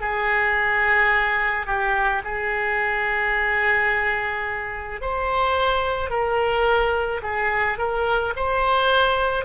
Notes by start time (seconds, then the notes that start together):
0.00 G#4
1.66 G4
2.24 G#4
5.01 C5
6.10 A#4
7.22 G#4
7.78 A#4
8.36 C5